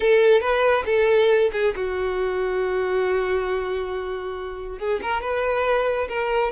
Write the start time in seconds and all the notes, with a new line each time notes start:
0.00 A4
0.40 B4
0.85 A4
1.52 G#4
1.75 F#4
4.78 G#4
5.02 A#4
5.21 B4
6.08 A#4